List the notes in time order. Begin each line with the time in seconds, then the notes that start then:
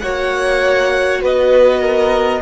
0.00 A#3 F#4 C#5 F#5
1.21 B3 B4 D#5
1.80 A#4